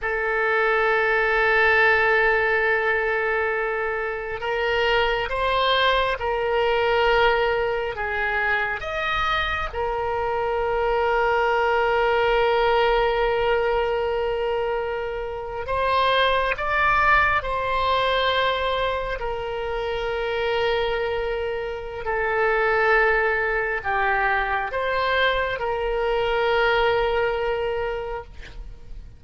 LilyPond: \new Staff \with { instrumentName = "oboe" } { \time 4/4 \tempo 4 = 68 a'1~ | a'4 ais'4 c''4 ais'4~ | ais'4 gis'4 dis''4 ais'4~ | ais'1~ |
ais'4.~ ais'16 c''4 d''4 c''16~ | c''4.~ c''16 ais'2~ ais'16~ | ais'4 a'2 g'4 | c''4 ais'2. | }